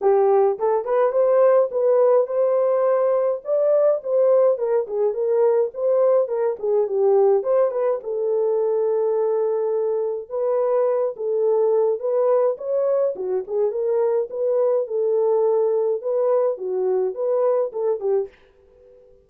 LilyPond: \new Staff \with { instrumentName = "horn" } { \time 4/4 \tempo 4 = 105 g'4 a'8 b'8 c''4 b'4 | c''2 d''4 c''4 | ais'8 gis'8 ais'4 c''4 ais'8 gis'8 | g'4 c''8 b'8 a'2~ |
a'2 b'4. a'8~ | a'4 b'4 cis''4 fis'8 gis'8 | ais'4 b'4 a'2 | b'4 fis'4 b'4 a'8 g'8 | }